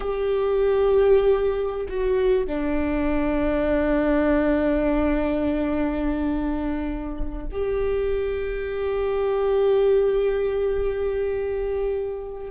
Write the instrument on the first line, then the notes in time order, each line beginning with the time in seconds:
viola
0.00 G4
1.89 F#4
2.46 D4
7.51 G4